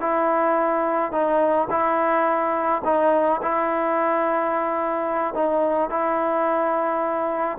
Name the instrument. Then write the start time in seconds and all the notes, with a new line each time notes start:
trombone
0.00 E4
1.11 D#4
1.70 E4
2.84 D#4
3.42 E4
5.34 D#4
5.90 E4